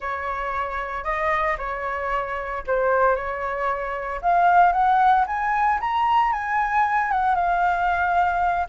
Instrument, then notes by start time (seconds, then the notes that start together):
flute
0.00 C#5
1.04 D#5
1.58 C#5
2.66 C5
3.15 C#5
4.21 F5
4.72 F#5
5.27 G#5
5.80 A#5
6.32 G#5
7.11 F#5
7.35 F5